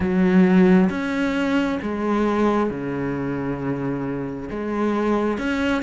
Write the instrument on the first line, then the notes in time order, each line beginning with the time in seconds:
cello
0.00 F#3
0.89 C#4
1.82 G#3
2.69 C#3
4.49 G#3
5.37 C#4